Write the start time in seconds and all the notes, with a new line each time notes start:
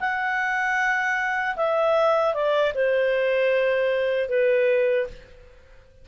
0.00 F#5
1.57 E5
2.34 D5
2.75 C5
4.29 B4